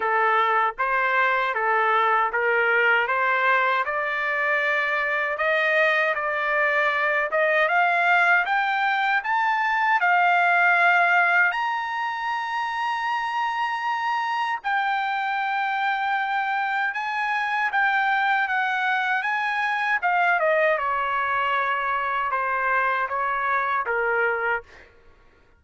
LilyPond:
\new Staff \with { instrumentName = "trumpet" } { \time 4/4 \tempo 4 = 78 a'4 c''4 a'4 ais'4 | c''4 d''2 dis''4 | d''4. dis''8 f''4 g''4 | a''4 f''2 ais''4~ |
ais''2. g''4~ | g''2 gis''4 g''4 | fis''4 gis''4 f''8 dis''8 cis''4~ | cis''4 c''4 cis''4 ais'4 | }